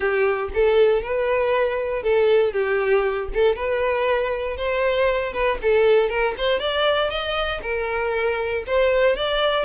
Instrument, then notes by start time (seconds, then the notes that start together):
violin
0.00 G4
0.54 A4
1.02 B4
2.02 A4
2.52 G4
3.34 A4
3.55 B4
4.56 C5
5.32 B4
5.62 A4
6.09 A#4
6.37 C5
6.59 D5
7.10 D#5
7.62 A#4
8.66 C5
9.16 D5